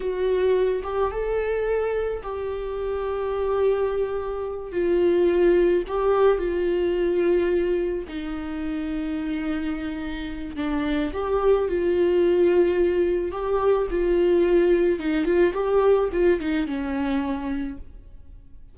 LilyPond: \new Staff \with { instrumentName = "viola" } { \time 4/4 \tempo 4 = 108 fis'4. g'8 a'2 | g'1~ | g'8 f'2 g'4 f'8~ | f'2~ f'8 dis'4.~ |
dis'2. d'4 | g'4 f'2. | g'4 f'2 dis'8 f'8 | g'4 f'8 dis'8 cis'2 | }